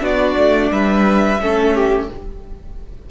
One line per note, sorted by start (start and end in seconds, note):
0.00 0.35 B3
0.00 1.38 D4
0.00 0.70 F#4
0.00 0.72 D5
0.37 0.70 A3
0.70 1.39 G3
0.70 1.41 B4
0.70 2.10 E5
1.40 2.09 A3
1.40 2.10 C#4
1.40 1.74 A4
1.74 2.08 G4